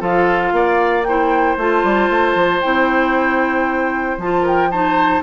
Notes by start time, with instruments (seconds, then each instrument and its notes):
0.00 bassoon F3, clarinet F4, oboe A4, flute F5
0.53 bassoon A#3, oboe D5
1.04 clarinet E4, oboe C5, flute G5
1.58 bassoon A3, clarinet F4, flute A5
1.84 bassoon G3
2.10 bassoon A3
2.35 bassoon F3
2.61 bassoon C4, clarinet E4, flute G5
4.18 bassoon F3, clarinet F4, flute A5
4.42 oboe A#4, flute G5
4.71 clarinet D#4, oboe C5, flute A5